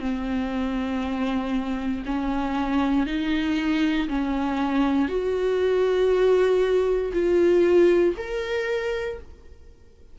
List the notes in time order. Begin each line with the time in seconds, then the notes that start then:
0.00 C4
2.06 C#4
3.07 D#4
4.09 C#4
5.09 F#4
7.14 F4
8.18 A#4